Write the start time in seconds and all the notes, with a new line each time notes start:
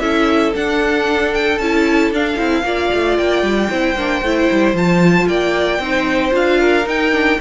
0.00 C#4 E4 A4 E5
0.56 D4 F#5
1.34 G5
1.59 C#4 E4 A5
2.11 D4 F5
2.38 C4 E4
2.63 A#3 F4 D5
2.94 A3
3.18 A#3 G5
3.43 G3
3.70 C4 E4 C5
3.96 A#3 D4
4.23 A3 E4
4.52 G3
4.74 F3 F4 A5
5.28 A#3 D5 G5
5.79 C4 D#4 C5
6.31 D4 F4 F5
6.61 A#4
6.85 D#4 G5
7.12 D4